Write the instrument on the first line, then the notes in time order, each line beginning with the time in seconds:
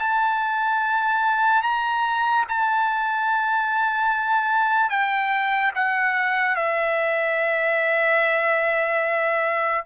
trumpet
0.00 A5
1.63 A#5
2.49 A5
4.90 G5
5.75 F#5
6.56 E5